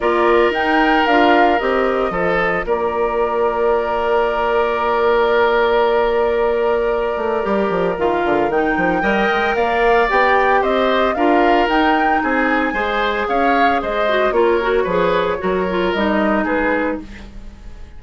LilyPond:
<<
  \new Staff \with { instrumentName = "flute" } { \time 4/4 \tempo 4 = 113 d''4 g''4 f''4 dis''4~ | dis''4 d''2.~ | d''1~ | d''2. f''4 |
g''2 f''4 g''4 | dis''4 f''4 g''4 gis''4~ | gis''4 f''4 dis''4 cis''4~ | cis''2 dis''4 b'4 | }
  \new Staff \with { instrumentName = "oboe" } { \time 4/4 ais'1 | a'4 ais'2.~ | ais'1~ | ais'1~ |
ais'4 dis''4 d''2 | c''4 ais'2 gis'4 | c''4 cis''4 c''4 ais'4 | b'4 ais'2 gis'4 | }
  \new Staff \with { instrumentName = "clarinet" } { \time 4/4 f'4 dis'4 f'4 g'4 | f'1~ | f'1~ | f'2 g'4 f'4 |
dis'4 ais'2 g'4~ | g'4 f'4 dis'2 | gis'2~ gis'8 fis'8 f'8 fis'8 | gis'4 fis'8 f'8 dis'2 | }
  \new Staff \with { instrumentName = "bassoon" } { \time 4/4 ais4 dis'4 d'4 c'4 | f4 ais2.~ | ais1~ | ais4. a8 g8 f8 dis8 d8 |
dis8 f8 g8 gis8 ais4 b4 | c'4 d'4 dis'4 c'4 | gis4 cis'4 gis4 ais4 | f4 fis4 g4 gis4 | }
>>